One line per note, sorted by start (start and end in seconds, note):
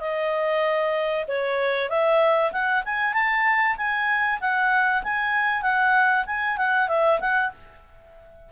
0.00 1.25 D#5
1.28 1.89 C#5
1.89 2.52 E5
2.52 2.83 F#5
2.85 3.13 G#5
3.13 3.76 A5
3.77 4.39 G#5
4.40 5.03 F#5
5.03 5.62 G#5
5.62 6.24 F#5
6.26 6.57 G#5
6.57 6.88 F#5
6.88 7.19 E5
7.20 7.51 F#5